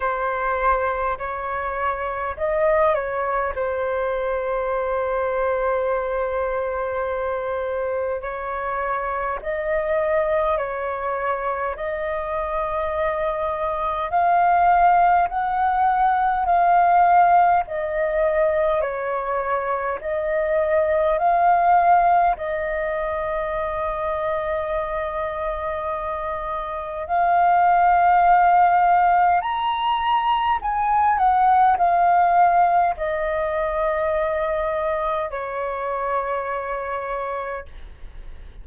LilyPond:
\new Staff \with { instrumentName = "flute" } { \time 4/4 \tempo 4 = 51 c''4 cis''4 dis''8 cis''8 c''4~ | c''2. cis''4 | dis''4 cis''4 dis''2 | f''4 fis''4 f''4 dis''4 |
cis''4 dis''4 f''4 dis''4~ | dis''2. f''4~ | f''4 ais''4 gis''8 fis''8 f''4 | dis''2 cis''2 | }